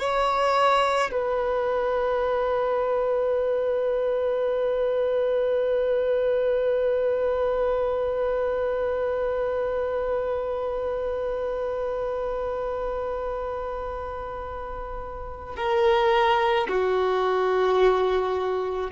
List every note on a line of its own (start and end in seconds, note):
0.00 1.11 C#5
1.12 15.56 B4
15.57 16.68 A#4
16.68 18.90 F#4